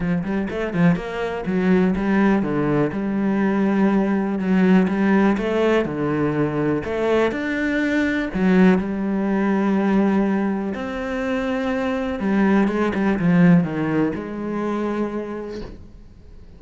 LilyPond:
\new Staff \with { instrumentName = "cello" } { \time 4/4 \tempo 4 = 123 f8 g8 a8 f8 ais4 fis4 | g4 d4 g2~ | g4 fis4 g4 a4 | d2 a4 d'4~ |
d'4 fis4 g2~ | g2 c'2~ | c'4 g4 gis8 g8 f4 | dis4 gis2. | }